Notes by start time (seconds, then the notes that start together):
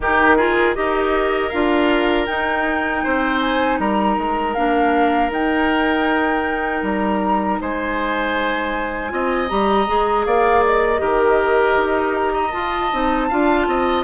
0.00 D#3 D#4 G4 A#4
0.37 F4 G#4
0.74 D#4 G4 A#4 D#5
1.49 D4 F4 F5
2.26 D#4 G5
3.03 C4 C5
3.40 G#5
3.79 G3 A#4 A#5
4.17 G#3
4.54 A#3 D4 F5
5.30 D#4 G5
6.82 G3 A#5
7.60 G#3 C5 G#5
9.09 C4 F4 D#5
9.49 G3 G4 A#5
9.87 G#3 G#4
10.25 A#3 D5 F5
10.64 D#5
10.97 D#3 G4 A#4
11.76 D#4
12.15 A#5
12.33 D#5
12.51 F4 A5
12.91 C4 D#4
13.28 D4 F4 F5
13.67 C4 D#5